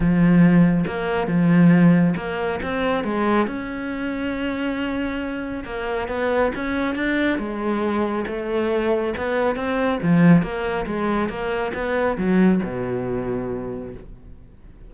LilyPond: \new Staff \with { instrumentName = "cello" } { \time 4/4 \tempo 4 = 138 f2 ais4 f4~ | f4 ais4 c'4 gis4 | cis'1~ | cis'4 ais4 b4 cis'4 |
d'4 gis2 a4~ | a4 b4 c'4 f4 | ais4 gis4 ais4 b4 | fis4 b,2. | }